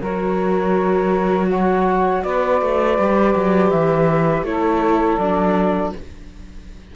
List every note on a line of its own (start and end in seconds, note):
0.00 2.24 F#3
0.00 2.99 F#4
0.00 1.48 A#4
0.00 1.50 C#5
1.49 2.23 C#5
1.49 2.23 F#5
2.23 2.61 B3
2.23 4.47 B4
2.23 3.70 D5
2.62 2.98 A3
2.98 3.35 G3
2.98 4.46 G4
3.36 3.72 F#3
3.70 4.43 E3
3.70 4.44 E5
4.43 5.17 A3
4.43 5.20 E4
4.43 5.96 A4
4.43 5.18 C#5
5.18 5.93 F#3
5.18 5.95 D4
5.18 5.92 D5